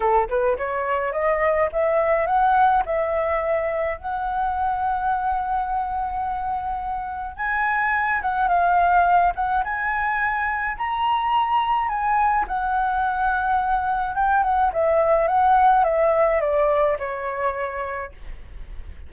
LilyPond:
\new Staff \with { instrumentName = "flute" } { \time 4/4 \tempo 4 = 106 a'8 b'8 cis''4 dis''4 e''4 | fis''4 e''2 fis''4~ | fis''1~ | fis''4 gis''4. fis''8 f''4~ |
f''8 fis''8 gis''2 ais''4~ | ais''4 gis''4 fis''2~ | fis''4 g''8 fis''8 e''4 fis''4 | e''4 d''4 cis''2 | }